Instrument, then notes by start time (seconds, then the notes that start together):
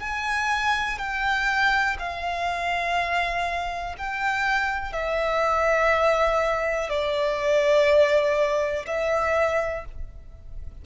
violin
0.00 G#5
0.99 G5
1.99 F5
3.98 G5
4.93 E5
6.90 D5
8.87 E5